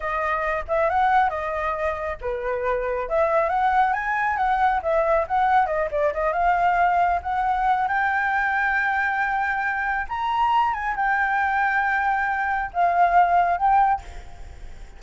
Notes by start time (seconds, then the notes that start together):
0.00 D#5
0.68 E5
0.89 F#5
1.29 D#5
2.21 B4
3.08 E5
3.49 F#5
3.93 G#5
4.37 F#5
4.82 E5
5.27 F#5
5.66 D#5
5.91 D5
6.13 D#5
6.32 F5
7.22 F#5
7.88 G5
10.08 A#5
10.73 G#5
10.96 G5
12.73 F5
13.57 G5